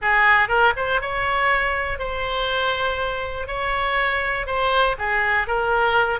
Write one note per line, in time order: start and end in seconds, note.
0.01 0.48 G#4
0.48 0.73 A#4
0.76 1.01 C5
1.01 1.98 C#5
1.98 3.47 C5
3.47 4.46 C#5
4.46 4.95 C5
4.98 5.47 G#4
5.47 6.19 A#4